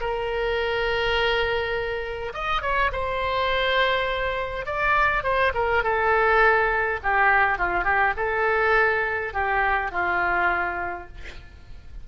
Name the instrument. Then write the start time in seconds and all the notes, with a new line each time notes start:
oboe
0.00 A#4
2.34 D#5
2.62 C#5
2.92 C5
4.65 D5
5.23 C5
5.54 A#4
5.83 A4
7.03 G4
7.58 F4
7.84 G4
8.17 A4
9.33 G4
9.91 F4